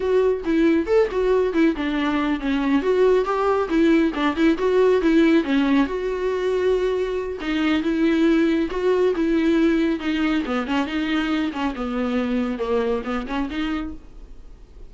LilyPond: \new Staff \with { instrumentName = "viola" } { \time 4/4 \tempo 4 = 138 fis'4 e'4 a'8 fis'4 e'8 | d'4. cis'4 fis'4 g'8~ | g'8 e'4 d'8 e'8 fis'4 e'8~ | e'8 cis'4 fis'2~ fis'8~ |
fis'4 dis'4 e'2 | fis'4 e'2 dis'4 | b8 cis'8 dis'4. cis'8 b4~ | b4 ais4 b8 cis'8 dis'4 | }